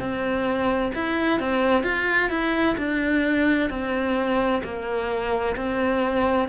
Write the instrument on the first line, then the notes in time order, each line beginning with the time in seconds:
cello
0.00 C4
0.95 E4
1.40 C4
1.84 F4
2.30 E4
2.78 D4
3.70 C4
4.64 A#3
5.56 C4